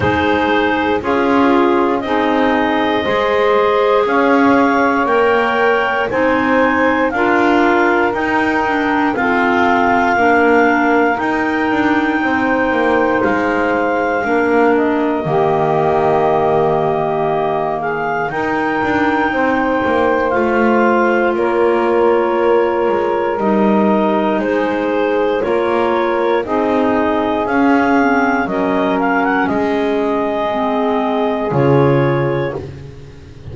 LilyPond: <<
  \new Staff \with { instrumentName = "clarinet" } { \time 4/4 \tempo 4 = 59 c''4 gis'4 dis''2 | f''4 g''4 gis''4 f''4 | g''4 f''2 g''4~ | g''4 f''4. dis''4.~ |
dis''4. f''8 g''2 | f''4 cis''2 dis''4 | c''4 cis''4 dis''4 f''4 | dis''8 f''16 fis''16 dis''2 cis''4 | }
  \new Staff \with { instrumentName = "saxophone" } { \time 4/4 gis'4 f'4 gis'4 c''4 | cis''2 c''4 ais'4~ | ais'4 a'4 ais'2 | c''2 ais'4 g'4~ |
g'4. gis'8 ais'4 c''4~ | c''4 ais'2. | gis'4 ais'4 gis'2 | ais'4 gis'2. | }
  \new Staff \with { instrumentName = "clarinet" } { \time 4/4 dis'4 f'4 dis'4 gis'4~ | gis'4 ais'4 dis'4 f'4 | dis'8 d'8 c'4 d'4 dis'4~ | dis'2 d'4 ais4~ |
ais2 dis'2 | f'2. dis'4~ | dis'4 f'4 dis'4 cis'8 c'8 | cis'2 c'4 f'4 | }
  \new Staff \with { instrumentName = "double bass" } { \time 4/4 gis4 cis'4 c'4 gis4 | cis'4 ais4 c'4 d'4 | dis'4 f'4 ais4 dis'8 d'8 | c'8 ais8 gis4 ais4 dis4~ |
dis2 dis'8 d'8 c'8 ais8 | a4 ais4. gis8 g4 | gis4 ais4 c'4 cis'4 | fis4 gis2 cis4 | }
>>